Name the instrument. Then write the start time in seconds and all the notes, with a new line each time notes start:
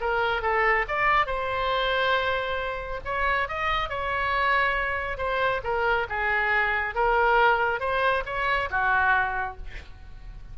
oboe
0.00 A#4
0.42 A4
0.88 D5
1.26 C5
3.04 C#5
3.48 D#5
3.89 C#5
5.17 C5
5.63 A#4
6.09 G#4
6.94 A#4
7.80 C5
8.25 C#5
8.70 F#4